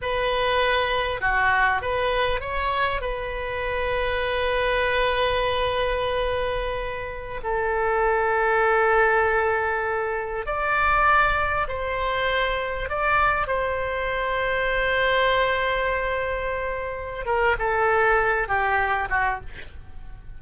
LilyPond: \new Staff \with { instrumentName = "oboe" } { \time 4/4 \tempo 4 = 99 b'2 fis'4 b'4 | cis''4 b'2.~ | b'1~ | b'16 a'2.~ a'8.~ |
a'4~ a'16 d''2 c''8.~ | c''4~ c''16 d''4 c''4.~ c''16~ | c''1~ | c''8 ais'8 a'4. g'4 fis'8 | }